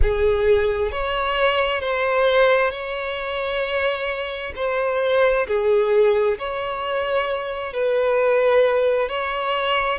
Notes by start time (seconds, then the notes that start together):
0.02 G#4
0.91 C#5
1.81 C5
2.70 C#5
4.55 C5
5.47 G#4
6.38 C#5
7.73 B4
9.09 C#5